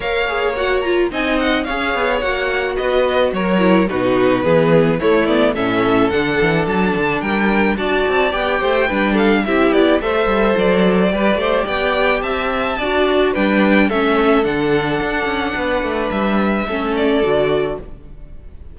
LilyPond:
<<
  \new Staff \with { instrumentName = "violin" } { \time 4/4 \tempo 4 = 108 f''4 fis''8 ais''8 gis''8 fis''8 f''4 | fis''4 dis''4 cis''4 b'4~ | b'4 cis''8 d''8 e''4 fis''4 | a''4 g''4 a''4 g''4~ |
g''8 f''8 e''8 d''8 e''4 d''4~ | d''4 g''4 a''2 | g''4 e''4 fis''2~ | fis''4 e''4. d''4. | }
  \new Staff \with { instrumentName = "violin" } { \time 4/4 cis''2 dis''4 cis''4~ | cis''4 b'4 ais'4 fis'4 | gis'4 e'4 a'2~ | a'4 ais'4 d''4. c''8 |
b'8 a'8 g'4 c''2 | b'8 c''8 d''4 e''4 d''4 | b'4 a'2. | b'2 a'2 | }
  \new Staff \with { instrumentName = "viola" } { \time 4/4 ais'8 gis'8 fis'8 f'8 dis'4 gis'4 | fis'2~ fis'8 e'8 dis'4 | b4 a8 b8 cis'4 d'4~ | d'2 fis'4 g'4 |
d'4 e'4 a'2 | g'2. fis'4 | d'4 cis'4 d'2~ | d'2 cis'4 fis'4 | }
  \new Staff \with { instrumentName = "cello" } { \time 4/4 ais2 c'4 cis'8 b8 | ais4 b4 fis4 b,4 | e4 a4 a,4 d8 e8 | fis8 d8 g4 d'8 c'8 b8 a8 |
g4 c'8 b8 a8 g8 fis4 | g8 a8 b4 c'4 d'4 | g4 a4 d4 d'8 cis'8 | b8 a8 g4 a4 d4 | }
>>